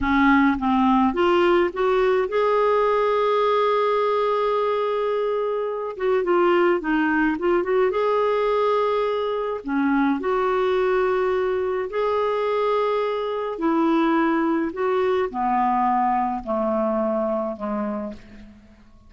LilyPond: \new Staff \with { instrumentName = "clarinet" } { \time 4/4 \tempo 4 = 106 cis'4 c'4 f'4 fis'4 | gis'1~ | gis'2~ gis'8 fis'8 f'4 | dis'4 f'8 fis'8 gis'2~ |
gis'4 cis'4 fis'2~ | fis'4 gis'2. | e'2 fis'4 b4~ | b4 a2 gis4 | }